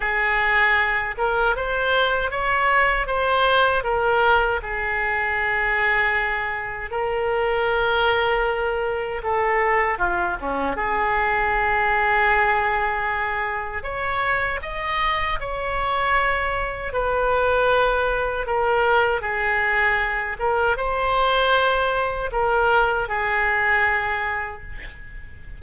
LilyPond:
\new Staff \with { instrumentName = "oboe" } { \time 4/4 \tempo 4 = 78 gis'4. ais'8 c''4 cis''4 | c''4 ais'4 gis'2~ | gis'4 ais'2. | a'4 f'8 cis'8 gis'2~ |
gis'2 cis''4 dis''4 | cis''2 b'2 | ais'4 gis'4. ais'8 c''4~ | c''4 ais'4 gis'2 | }